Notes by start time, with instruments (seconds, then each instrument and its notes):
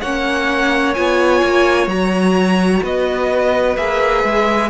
0.00 cello A#3, viola C#4, violin C#5 F#5
0.94 cello B3, viola F4, violin G#5
1.42 cello A#3
1.87 cello F#3, viola F#4, violin A#5
2.82 cello B3, violin B4 D#5
3.76 cello A#3, viola G#4, violin E5
4.24 cello G#3